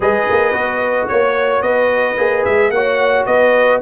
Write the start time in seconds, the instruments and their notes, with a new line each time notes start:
0.00 tuba G#3, trombone G#4, horn B4, trumpet D#5
0.30 tuba A#3
0.52 tuba B3, trombone F#4
1.07 tuba A#3, trumpet C#5, horn C#5
1.61 tuba B3, horn B4, trumpet D#5
2.17 tuba A#3, trombone G#4
2.45 tuba G#3, trumpet E5
2.69 tuba A#3, trombone F#4, horn C#5, trumpet F#5
3.25 tuba B3, horn B4, trumpet D#5